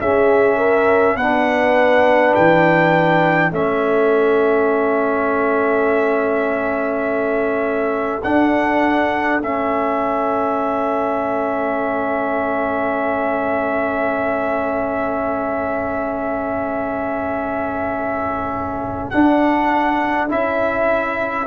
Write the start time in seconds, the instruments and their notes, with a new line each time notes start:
0.00 tuba C#4, trombone C#4, horn G#4, trumpet E5
0.56 horn A#4
1.16 tuba B3, trombone D4, horn B4, trumpet F#5
2.34 tuba E3, trumpet G5
3.51 tuba A3, trombone C#4, horn A4, trumpet E5
8.23 tuba D4, trombone D4, trumpet F#5
9.41 tuba A3, trombone C#4, trumpet E5
19.10 trombone D4, tuba D4, trumpet F#5
20.28 tuba C#4, trombone E4, trumpet E5